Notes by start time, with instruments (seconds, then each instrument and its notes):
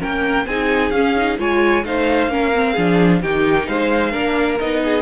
0.00 cello A#3, viola C#4, violin A#4 G5
0.46 cello C4, viola D#4, violin G#4 G#5
0.91 cello C#4, viola C#4, violin F5
1.17 viola D#4
1.39 cello G#3, viola F4, violin C#5 G#5
1.84 cello A3, viola D#4, violin C5 F5
2.28 cello A#3, viola C#4, violin A#4
2.55 viola C4
2.74 cello F3, viola D4, violin G#4
3.22 cello D#3, viola D#4, violin G4 G5
3.68 cello G#3, violin C5 F5
4.12 cello A#3, viola D4, violin A#4
4.59 cello B3, viola D#4, violin D#5
4.85 violin G#4